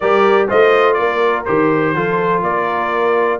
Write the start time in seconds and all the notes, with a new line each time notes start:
0.00 G3 G4 A#4 D5
0.47 A3 F4 C5 D#5
0.93 A#3 A#4 D5
1.45 D#3 G4 C5
1.95 F3 F4 A4
2.42 A#3 A#4 D5